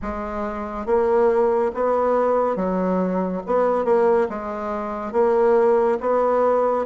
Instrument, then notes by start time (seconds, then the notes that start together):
bassoon
0.02 G#3
0.86 A#3
1.74 B3
2.56 F#3
3.46 B3
3.85 A#3
4.29 G#3
5.12 A#3
6.00 B3